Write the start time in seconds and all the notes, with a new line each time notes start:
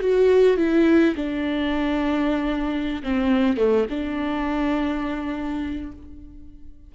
0.00 F#4
0.57 E4
1.15 D4
3.03 C4
3.57 A3
3.90 D4